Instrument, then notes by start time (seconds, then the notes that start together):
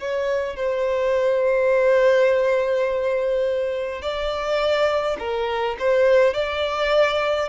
violin
0.00 C#5
0.57 C5
4.02 D5
5.19 A#4
5.80 C5
6.34 D5